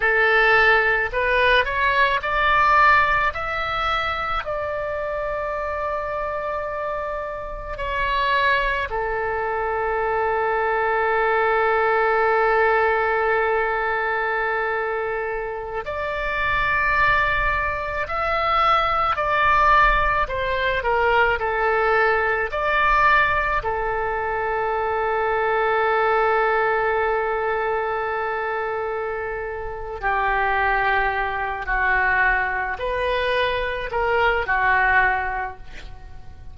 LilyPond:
\new Staff \with { instrumentName = "oboe" } { \time 4/4 \tempo 4 = 54 a'4 b'8 cis''8 d''4 e''4 | d''2. cis''4 | a'1~ | a'2~ a'16 d''4.~ d''16~ |
d''16 e''4 d''4 c''8 ais'8 a'8.~ | a'16 d''4 a'2~ a'8.~ | a'2. g'4~ | g'8 fis'4 b'4 ais'8 fis'4 | }